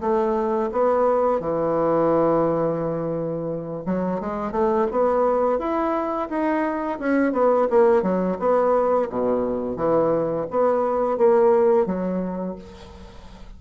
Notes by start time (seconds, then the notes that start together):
0.00 A3
0.72 B3
1.40 E3
3.85 F#3
4.20 G#3
4.52 A3
4.91 B3
5.59 E4
6.29 D#4
6.99 C#4
7.32 B3
7.70 A#3
8.02 F#3
8.39 B3
9.10 B2
9.76 E3
10.50 B3
11.18 A#3
11.86 F#3